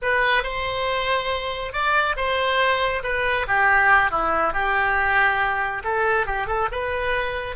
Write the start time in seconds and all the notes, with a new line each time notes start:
0.02 B4
0.43 C5
1.72 D5
2.16 C5
3.03 B4
3.47 G4
4.10 E4
4.53 G4
5.84 A4
6.26 G4
6.46 A4
6.71 B4